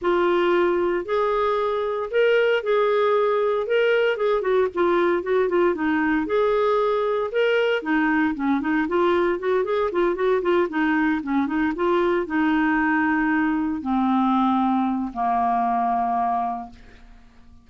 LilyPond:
\new Staff \with { instrumentName = "clarinet" } { \time 4/4 \tempo 4 = 115 f'2 gis'2 | ais'4 gis'2 ais'4 | gis'8 fis'8 f'4 fis'8 f'8 dis'4 | gis'2 ais'4 dis'4 |
cis'8 dis'8 f'4 fis'8 gis'8 f'8 fis'8 | f'8 dis'4 cis'8 dis'8 f'4 dis'8~ | dis'2~ dis'8 c'4.~ | c'4 ais2. | }